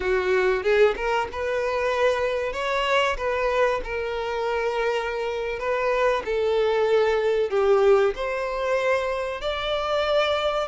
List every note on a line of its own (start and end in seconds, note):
0.00 0.63 F#4
0.63 0.95 G#4
0.96 1.28 A#4
1.32 2.52 B4
2.52 3.16 C#5
3.17 3.81 B4
3.84 5.59 A#4
5.59 6.22 B4
6.25 7.50 A4
7.50 8.14 G4
8.15 9.41 C5
9.41 10.68 D5